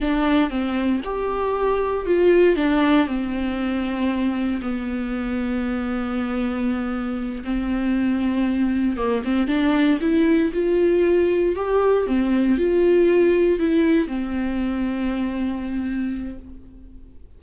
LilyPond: \new Staff \with { instrumentName = "viola" } { \time 4/4 \tempo 4 = 117 d'4 c'4 g'2 | f'4 d'4 c'2~ | c'4 b2.~ | b2~ b8 c'4.~ |
c'4. ais8 c'8 d'4 e'8~ | e'8 f'2 g'4 c'8~ | c'8 f'2 e'4 c'8~ | c'1 | }